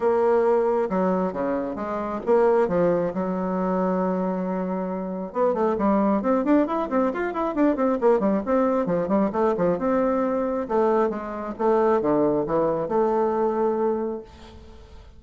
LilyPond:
\new Staff \with { instrumentName = "bassoon" } { \time 4/4 \tempo 4 = 135 ais2 fis4 cis4 | gis4 ais4 f4 fis4~ | fis1 | b8 a8 g4 c'8 d'8 e'8 c'8 |
f'8 e'8 d'8 c'8 ais8 g8 c'4 | f8 g8 a8 f8 c'2 | a4 gis4 a4 d4 | e4 a2. | }